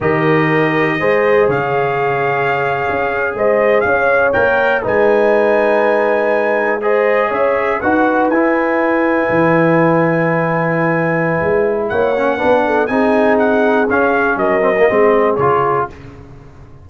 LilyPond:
<<
  \new Staff \with { instrumentName = "trumpet" } { \time 4/4 \tempo 4 = 121 dis''2. f''4~ | f''2~ f''8. dis''4 f''16~ | f''8. g''4 gis''2~ gis''16~ | gis''4.~ gis''16 dis''4 e''4 fis''16~ |
fis''8. gis''2.~ gis''16~ | gis''1 | fis''2 gis''4 fis''4 | f''4 dis''2 cis''4 | }
  \new Staff \with { instrumentName = "horn" } { \time 4/4 ais'2 c''4 cis''4~ | cis''2~ cis''8. c''4 cis''16~ | cis''4.~ cis''16 b'2~ b'16~ | b'4.~ b'16 c''4 cis''4 b'16~ |
b'1~ | b'1 | cis''4 b'8 a'8 gis'2~ | gis'4 ais'4 gis'2 | }
  \new Staff \with { instrumentName = "trombone" } { \time 4/4 g'2 gis'2~ | gis'1~ | gis'8. ais'4 dis'2~ dis'16~ | dis'4.~ dis'16 gis'2 fis'16~ |
fis'8. e'2.~ e'16~ | e'1~ | e'8 cis'8 d'4 dis'2 | cis'4. c'16 ais16 c'4 f'4 | }
  \new Staff \with { instrumentName = "tuba" } { \time 4/4 dis2 gis4 cis4~ | cis4.~ cis16 cis'4 gis4 cis'16~ | cis'8. ais4 gis2~ gis16~ | gis2~ gis8. cis'4 dis'16~ |
dis'8. e'2 e4~ e16~ | e2. gis4 | ais4 b4 c'2 | cis'4 fis4 gis4 cis4 | }
>>